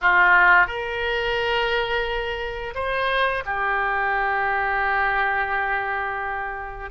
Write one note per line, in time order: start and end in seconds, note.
0.01 0.66 F4
0.66 2.73 A#4
2.74 3.43 C5
3.45 6.90 G4